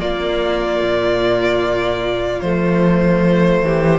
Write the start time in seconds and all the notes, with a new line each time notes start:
0.00 A#3 F4 D5
0.81 A#2
2.41 F3 A3 C5
3.62 E3 G4